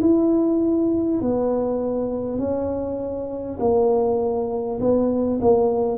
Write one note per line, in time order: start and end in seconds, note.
0.00 1.20 E4
1.21 2.38 B3
2.38 3.58 C#4
3.59 4.79 A#3
4.80 5.40 B3
5.41 5.98 A#3